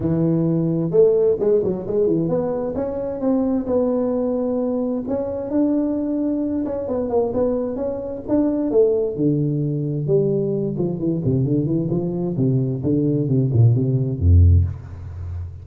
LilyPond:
\new Staff \with { instrumentName = "tuba" } { \time 4/4 \tempo 4 = 131 e2 a4 gis8 fis8 | gis8 e8 b4 cis'4 c'4 | b2. cis'4 | d'2~ d'8 cis'8 b8 ais8 |
b4 cis'4 d'4 a4 | d2 g4. f8 | e8 c8 d8 e8 f4 c4 | d4 c8 ais,8 c4 f,4 | }